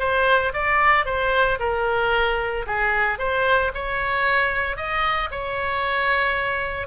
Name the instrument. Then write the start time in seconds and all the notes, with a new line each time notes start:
oboe
0.00 C5
0.54 D5
1.06 C5
1.60 A#4
2.67 G#4
3.19 C5
3.75 C#5
4.77 D#5
5.31 C#5